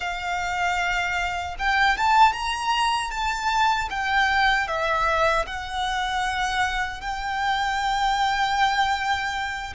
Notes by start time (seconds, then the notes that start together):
0.00 F5
1.58 G5
1.97 A5
2.32 A#5
3.11 A5
3.90 G5
4.67 E5
5.46 F#5
7.00 G5